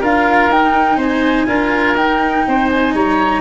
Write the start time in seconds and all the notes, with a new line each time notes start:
0.00 D4 F4 A#4 F5
0.49 D#4 G5
0.96 C4 C5 G#5
1.47 D4 F4 A#4
1.95 D#4 G5
2.47 C4 C5
2.70 G#5
2.93 G3 C#5 A#5